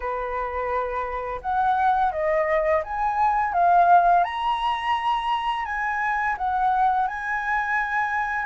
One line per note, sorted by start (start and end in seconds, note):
0.00 1.40 B4
1.41 2.12 F#5
2.12 2.82 D#5
2.83 3.53 G#5
3.53 4.24 F5
4.24 5.65 A#5
5.65 6.35 G#5
6.37 7.07 F#5
7.07 8.45 G#5